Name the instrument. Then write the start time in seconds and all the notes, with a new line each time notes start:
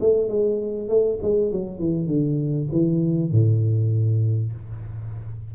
tuba
0.00 A3
0.29 G#3
0.89 A3
1.22 G#3
1.52 F#3
1.79 E3
2.07 D3
2.72 E3
3.31 A2